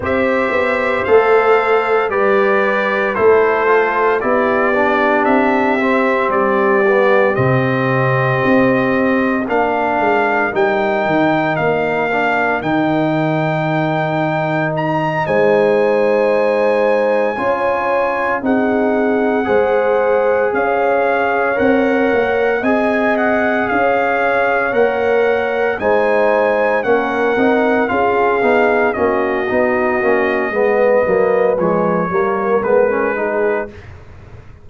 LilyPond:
<<
  \new Staff \with { instrumentName = "trumpet" } { \time 4/4 \tempo 4 = 57 e''4 f''4 d''4 c''4 | d''4 e''4 d''4 dis''4~ | dis''4 f''4 g''4 f''4 | g''2 ais''8 gis''4.~ |
gis''4. fis''2 f''8~ | f''8 fis''4 gis''8 fis''8 f''4 fis''8~ | fis''8 gis''4 fis''4 f''4 dis''8~ | dis''2 cis''4 b'4 | }
  \new Staff \with { instrumentName = "horn" } { \time 4/4 c''2 b'4 a'4 | g'1~ | g'4 ais'2.~ | ais'2~ ais'8 c''4.~ |
c''8 cis''4 gis'4 c''4 cis''8~ | cis''4. dis''4 cis''4.~ | cis''8 c''4 ais'4 gis'4 fis'8~ | fis'4 b'4. ais'4 gis'8 | }
  \new Staff \with { instrumentName = "trombone" } { \time 4/4 g'4 a'4 g'4 e'8 f'8 | e'8 d'4 c'4 b8 c'4~ | c'4 d'4 dis'4. d'8 | dis'1~ |
dis'8 f'4 dis'4 gis'4.~ | gis'8 ais'4 gis'2 ais'8~ | ais'8 dis'4 cis'8 dis'8 f'8 dis'8 cis'8 | dis'8 cis'8 b8 ais8 gis8 ais8 b16 cis'16 dis'8 | }
  \new Staff \with { instrumentName = "tuba" } { \time 4/4 c'8 b8 a4 g4 a4 | b4 c'4 g4 c4 | c'4 ais8 gis8 g8 dis8 ais4 | dis2~ dis8 gis4.~ |
gis8 cis'4 c'4 gis4 cis'8~ | cis'8 c'8 ais8 c'4 cis'4 ais8~ | ais8 gis4 ais8 c'8 cis'8 b8 ais8 | b8 ais8 gis8 fis8 f8 g8 gis4 | }
>>